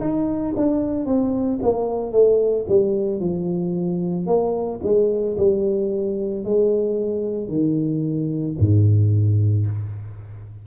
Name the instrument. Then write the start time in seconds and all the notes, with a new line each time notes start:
tuba
0.00 D#4
0.56 D4
1.05 C4
1.62 A#3
2.12 A3
2.68 G3
3.20 F3
4.27 A#3
4.83 G#3
5.38 G3
6.44 G#3
7.48 D#3
8.59 G#2